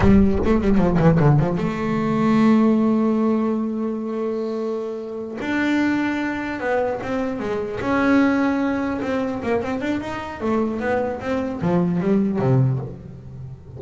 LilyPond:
\new Staff \with { instrumentName = "double bass" } { \time 4/4 \tempo 4 = 150 g4 a8 g8 f8 e8 d8 f8 | a1~ | a1~ | a4. d'2~ d'8~ |
d'8 b4 c'4 gis4 cis'8~ | cis'2~ cis'8 c'4 ais8 | c'8 d'8 dis'4 a4 b4 | c'4 f4 g4 c4 | }